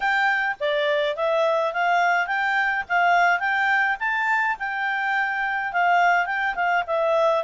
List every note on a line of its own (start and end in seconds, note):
0.00 0.56 G5
0.59 1.16 D5
1.16 1.73 E5
1.73 2.26 F5
2.26 2.84 G5
2.88 3.39 F5
3.39 3.96 G5
3.99 4.56 A5
4.59 5.72 G5
5.72 6.26 F5
6.26 6.54 G5
6.55 6.83 F5
6.86 7.43 E5